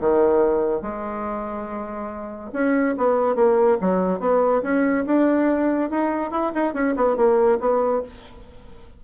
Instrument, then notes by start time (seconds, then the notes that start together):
bassoon
0.00 D#3
0.81 G#3
2.53 C#4
2.97 B3
3.35 A#3
3.81 F#3
4.20 B3
4.62 C#4
5.06 D4
5.90 D#4
6.31 E4
6.55 D#4
6.73 C#4
6.96 B3
7.16 A#3
7.60 B3